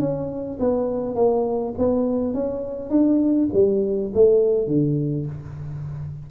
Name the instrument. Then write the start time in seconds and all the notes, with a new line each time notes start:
tuba
0.00 C#4
0.60 B3
1.16 A#3
1.78 B3
2.34 C#4
2.90 D4
3.53 G3
4.14 A3
4.68 D3